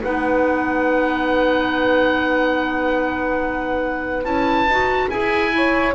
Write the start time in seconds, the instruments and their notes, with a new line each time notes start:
0.00 double bass B3, clarinet D#4, saxophone B4, oboe F#5
4.24 double bass C#4, clarinet E4, oboe A5
4.66 double bass D#4, clarinet F#4
5.10 double bass E4, clarinet G#4, oboe G#5
5.51 clarinet E4, saxophone C#5